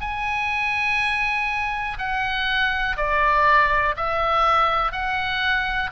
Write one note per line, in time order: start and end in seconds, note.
0.00 1.97 G#5
1.98 2.96 F#5
2.96 3.95 D5
3.96 4.92 E5
4.92 5.90 F#5